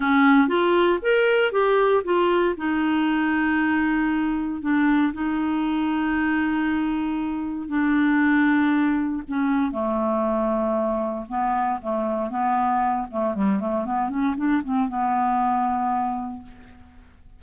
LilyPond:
\new Staff \with { instrumentName = "clarinet" } { \time 4/4 \tempo 4 = 117 cis'4 f'4 ais'4 g'4 | f'4 dis'2.~ | dis'4 d'4 dis'2~ | dis'2. d'4~ |
d'2 cis'4 a4~ | a2 b4 a4 | b4. a8 g8 a8 b8 cis'8 | d'8 c'8 b2. | }